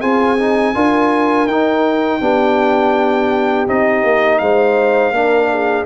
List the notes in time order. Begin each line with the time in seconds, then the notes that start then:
0.00 C4 F4 G#4 G#5
0.38 D#4
0.74 D4 F4 A#4
1.46 D#4 G5
2.20 B3 D4 G4
3.67 C4 D#4 D#5
4.03 A#3
4.38 G#3 C5 F5
5.11 A#3 D4 A#4
5.50 G#4